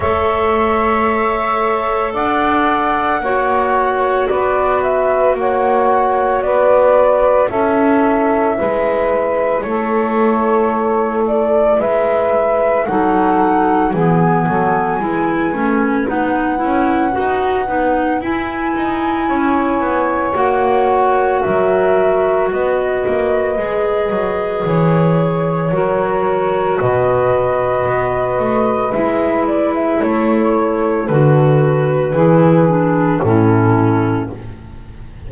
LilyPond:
<<
  \new Staff \with { instrumentName = "flute" } { \time 4/4 \tempo 4 = 56 e''2 fis''2 | d''8 e''8 fis''4 d''4 e''4~ | e''4 cis''4. d''8 e''4 | fis''4 gis''2 fis''4~ |
fis''4 gis''2 fis''4 | e''4 dis''2 cis''4~ | cis''4 dis''2 e''8 d''16 e''16 | cis''4 b'2 a'4 | }
  \new Staff \with { instrumentName = "saxophone" } { \time 4/4 cis''2 d''4 cis''4 | b'4 cis''4 b'4 a'4 | b'4 a'2 b'4 | a'4 gis'8 a'8 b'2~ |
b'2 cis''2 | ais'4 b'2. | ais'4 b'2. | a'2 gis'4 e'4 | }
  \new Staff \with { instrumentName = "clarinet" } { \time 4/4 a'2. fis'4~ | fis'2. e'4~ | e'1 | dis'4 b4 e'8 cis'8 dis'8 e'8 |
fis'8 dis'8 e'2 fis'4~ | fis'2 gis'2 | fis'2. e'4~ | e'4 fis'4 e'8 d'8 cis'4 | }
  \new Staff \with { instrumentName = "double bass" } { \time 4/4 a2 d'4 ais4 | b4 ais4 b4 cis'4 | gis4 a2 gis4 | fis4 e8 fis8 gis8 a8 b8 cis'8 |
dis'8 b8 e'8 dis'8 cis'8 b8 ais4 | fis4 b8 ais8 gis8 fis8 e4 | fis4 b,4 b8 a8 gis4 | a4 d4 e4 a,4 | }
>>